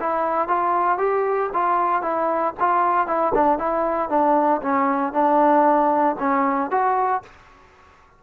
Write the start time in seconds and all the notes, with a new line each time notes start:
0.00 E4
0.48 F4
0.98 G4
1.53 F4
2.02 E4
2.60 F4
3.07 E4
3.35 D4
3.59 E4
4.10 D4
4.62 C#4
5.13 D4
6.20 C#4
6.71 F#4